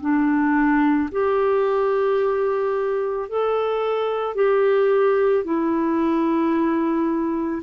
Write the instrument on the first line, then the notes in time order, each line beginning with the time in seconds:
clarinet
0.00 D4
1.11 G4
3.29 A4
4.35 G4
5.44 E4